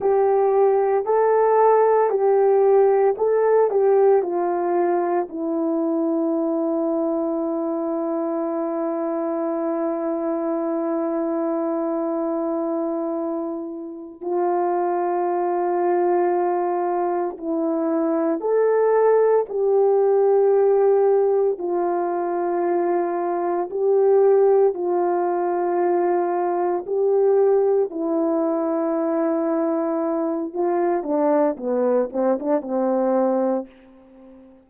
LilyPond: \new Staff \with { instrumentName = "horn" } { \time 4/4 \tempo 4 = 57 g'4 a'4 g'4 a'8 g'8 | f'4 e'2.~ | e'1~ | e'4. f'2~ f'8~ |
f'8 e'4 a'4 g'4.~ | g'8 f'2 g'4 f'8~ | f'4. g'4 e'4.~ | e'4 f'8 d'8 b8 c'16 d'16 c'4 | }